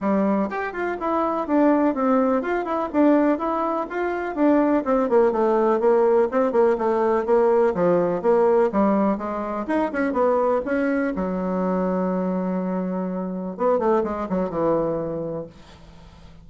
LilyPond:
\new Staff \with { instrumentName = "bassoon" } { \time 4/4 \tempo 4 = 124 g4 g'8 f'8 e'4 d'4 | c'4 f'8 e'8 d'4 e'4 | f'4 d'4 c'8 ais8 a4 | ais4 c'8 ais8 a4 ais4 |
f4 ais4 g4 gis4 | dis'8 cis'8 b4 cis'4 fis4~ | fis1 | b8 a8 gis8 fis8 e2 | }